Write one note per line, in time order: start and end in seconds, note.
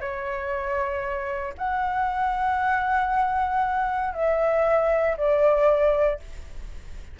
0.00 1.54 C#5
1.57 4.14 F#5
4.14 5.16 E5
5.17 6.20 D5